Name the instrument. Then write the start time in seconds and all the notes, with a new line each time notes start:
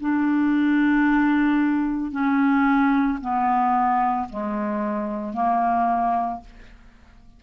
clarinet
0.00 D4
2.11 C#4
3.21 B3
4.29 G#3
5.33 A#3